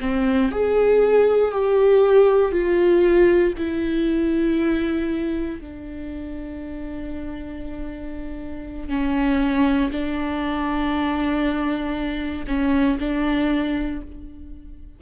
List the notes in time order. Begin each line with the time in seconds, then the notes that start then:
0.00 C4
0.51 G#4
1.51 G4
2.51 F4
3.57 E4
5.60 D4
8.89 C#4
9.91 D4
12.47 C#4
12.99 D4